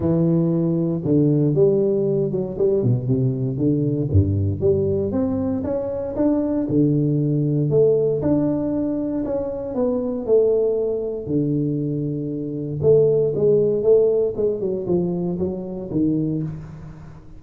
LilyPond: \new Staff \with { instrumentName = "tuba" } { \time 4/4 \tempo 4 = 117 e2 d4 g4~ | g8 fis8 g8 b,8 c4 d4 | g,4 g4 c'4 cis'4 | d'4 d2 a4 |
d'2 cis'4 b4 | a2 d2~ | d4 a4 gis4 a4 | gis8 fis8 f4 fis4 dis4 | }